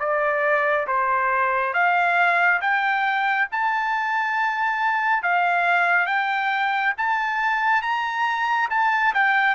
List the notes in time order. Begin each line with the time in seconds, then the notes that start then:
0.00 D5
0.87 C5
1.74 F5
2.61 G5
3.52 A5
5.23 F5
6.07 G5
6.98 A5
7.82 A#5
8.70 A5
9.14 G5